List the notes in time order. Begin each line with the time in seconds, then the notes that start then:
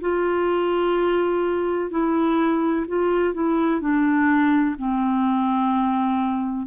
0.00 F4
1.90 E4
2.87 F4
3.33 E4
3.80 D4
4.77 C4